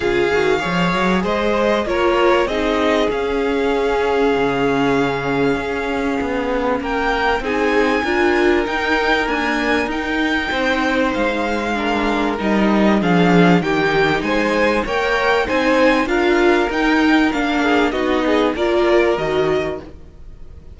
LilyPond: <<
  \new Staff \with { instrumentName = "violin" } { \time 4/4 \tempo 4 = 97 f''2 dis''4 cis''4 | dis''4 f''2.~ | f''2. g''4 | gis''2 g''4 gis''4 |
g''2 f''2 | dis''4 f''4 g''4 gis''4 | g''4 gis''4 f''4 g''4 | f''4 dis''4 d''4 dis''4 | }
  \new Staff \with { instrumentName = "violin" } { \time 4/4 gis'4 cis''4 c''4 ais'4 | gis'1~ | gis'2. ais'4 | gis'4 ais'2.~ |
ais'4 c''2 ais'4~ | ais'4 gis'4 g'4 c''4 | cis''4 c''4 ais'2~ | ais'8 gis'8 fis'8 gis'8 ais'2 | }
  \new Staff \with { instrumentName = "viola" } { \time 4/4 f'8 fis'8 gis'2 f'4 | dis'4 cis'2.~ | cis'1 | dis'4 f'4 dis'4 ais4 |
dis'2. d'4 | dis'4 d'4 dis'2 | ais'4 dis'4 f'4 dis'4 | d'4 dis'4 f'4 fis'4 | }
  \new Staff \with { instrumentName = "cello" } { \time 4/4 cis8 dis8 f8 fis8 gis4 ais4 | c'4 cis'2 cis4~ | cis4 cis'4 b4 ais4 | c'4 d'4 dis'4 d'4 |
dis'4 c'4 gis2 | g4 f4 dis4 gis4 | ais4 c'4 d'4 dis'4 | ais4 b4 ais4 dis4 | }
>>